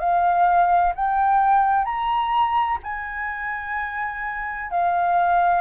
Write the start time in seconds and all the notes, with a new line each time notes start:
0.00 F5
0.95 G5
1.85 A#5
2.84 G#5
4.71 F5